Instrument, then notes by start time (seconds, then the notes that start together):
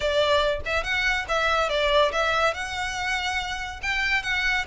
violin
0.00 D5
0.65 E5
0.83 F#5
1.28 E5
1.69 D5
2.12 E5
2.54 F#5
3.82 G5
4.23 F#5